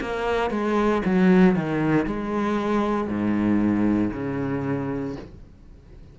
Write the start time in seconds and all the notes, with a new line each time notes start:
0.00 A#3
0.50 G#3
1.05 F#3
1.55 D#3
2.06 G#3
3.08 G#2
4.12 C#3